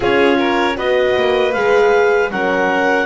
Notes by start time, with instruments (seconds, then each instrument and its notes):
0.00 double bass C#4, horn F4, violin G#4, clarinet C#5
0.37 violin A#4
0.76 double bass B3, horn F#4, violin B4, clarinet D#5
1.16 double bass A#3
1.53 double bass G#3, horn G#4, clarinet F5
2.31 double bass F#3, horn C#4, violin A#4, clarinet F#5